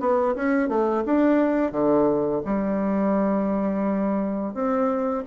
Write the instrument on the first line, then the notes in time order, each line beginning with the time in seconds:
bassoon
0.00 B3
0.35 C#4
0.69 A3
1.06 D4
1.72 D3
2.45 G3
4.54 C4